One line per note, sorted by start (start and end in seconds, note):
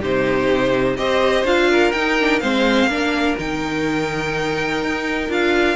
0.00 0.98 C3
0.00 0.98 D#4
0.00 0.96 G4
0.00 0.97 C5
0.97 1.44 C4
0.97 1.46 G4
0.97 1.70 C5
0.97 1.45 D#5
1.44 1.92 D4
1.44 1.94 F4
1.44 1.92 F5
1.70 2.41 A#4
1.92 2.41 D#4
1.92 2.20 D#4
1.92 2.40 G5
2.20 2.42 D4
2.40 2.87 G#3
2.40 2.90 C4
2.40 2.89 C5
2.40 3.36 F5
2.87 3.35 A#3
2.87 3.38 D4
2.87 5.76 A#4
3.38 4.82 D#3
3.38 5.30 D#4
3.38 5.31 G5
4.82 5.29 D#4
5.29 5.76 D4
5.29 5.76 F4
5.29 5.76 F5